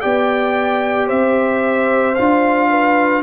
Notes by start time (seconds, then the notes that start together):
0.00 B3 G4 D5 G5
1.07 C4 C5 E5
2.15 D4 F4 F5
2.69 B4